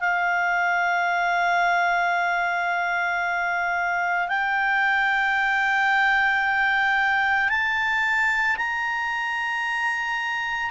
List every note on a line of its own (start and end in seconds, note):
0.00 4.29 F5
4.29 7.50 G5
7.50 8.57 A5
8.57 10.71 A#5